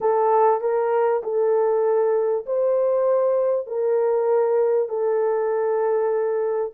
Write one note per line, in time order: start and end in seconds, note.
0.00 0.61 A4
0.61 1.22 A#4
1.23 2.45 A4
2.46 3.67 C5
3.67 4.88 A#4
4.88 6.72 A4